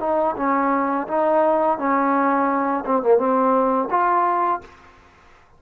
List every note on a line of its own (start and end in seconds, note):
0.00 0.35 D#4
0.37 1.07 C#4
1.07 1.78 D#4
1.78 2.84 C#4
2.86 3.03 C4
3.03 3.18 A#3
3.18 3.89 C4
3.90 4.61 F4